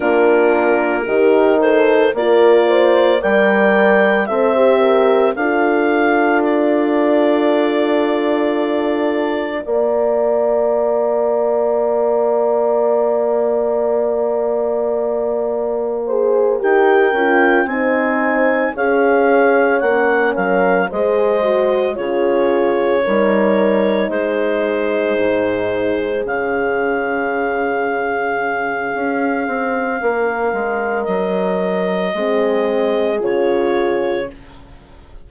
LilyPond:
<<
  \new Staff \with { instrumentName = "clarinet" } { \time 4/4 \tempo 4 = 56 ais'4. c''8 d''4 g''4 | e''4 f''4 d''2~ | d''4 f''2.~ | f''2.~ f''8 g''8~ |
g''8 gis''4 f''4 fis''8 f''8 dis''8~ | dis''8 cis''2 c''4.~ | c''8 f''2.~ f''8~ | f''4 dis''2 cis''4 | }
  \new Staff \with { instrumentName = "horn" } { \time 4/4 f'4 g'8 a'8 ais'8 c''8 d''4 | c''8 ais'8 a'2.~ | a'4 d''2.~ | d''2. c''8 ais'8~ |
ais'8 c''4 cis''4. ais'8 c''8~ | c''8 gis'4 ais'4 gis'4.~ | gis'1 | ais'2 gis'2 | }
  \new Staff \with { instrumentName = "horn" } { \time 4/4 d'4 dis'4 f'4 ais'4 | a'16 g'8. f'2.~ | f'4 ais'2.~ | ais'2. gis'8 g'8 |
f'8 dis'4 gis'4 cis'4 gis'8 | fis'8 f'4 dis'2~ dis'8~ | dis'8 cis'2.~ cis'8~ | cis'2 c'4 f'4 | }
  \new Staff \with { instrumentName = "bassoon" } { \time 4/4 ais4 dis4 ais4 g4 | c'4 d'2.~ | d'4 ais2.~ | ais2.~ ais8 dis'8 |
cis'8 c'4 cis'4 ais8 fis8 gis8~ | gis8 cis4 g4 gis4 gis,8~ | gis,8 cis2~ cis8 cis'8 c'8 | ais8 gis8 fis4 gis4 cis4 | }
>>